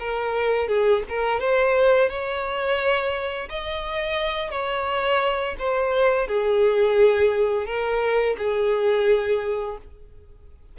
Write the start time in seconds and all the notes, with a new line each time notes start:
0.00 A#4
0.68 G#4
1.09 A#4
1.40 C5
2.10 C#5
3.49 D#5
4.51 C#5
5.59 C5
6.28 G#4
7.66 A#4
8.38 G#4